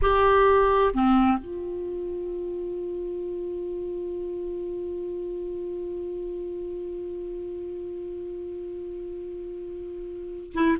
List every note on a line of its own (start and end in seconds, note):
0.01 0.94 G4
0.94 1.38 C4
1.38 10.52 F4
10.54 10.77 E4